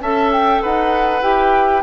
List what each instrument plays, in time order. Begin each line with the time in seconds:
0.00 bassoon C#4, clarinet A4, oboe E5, flute A5
0.32 flute G5
0.62 bassoon D#4, oboe B4, flute F#5
1.21 bassoon E4, clarinet G4, flute G5